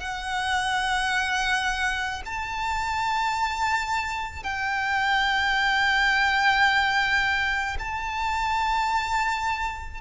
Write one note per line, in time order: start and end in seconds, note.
0.00 2.22 F#5
2.26 4.43 A5
4.43 7.77 G5
7.79 10.02 A5